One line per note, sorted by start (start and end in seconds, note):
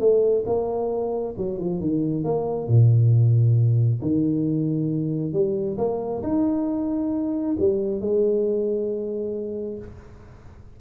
0.00 0.44 A3
0.46 1.35 A#3
1.38 1.59 F#3
1.59 1.81 F3
1.81 2.24 D#3
2.24 2.68 A#3
2.68 4.01 A#2
4.02 5.33 D#3
5.33 5.77 G3
5.78 6.23 A#3
6.23 7.57 D#4
7.59 8.01 G3
8.01 9.79 G#3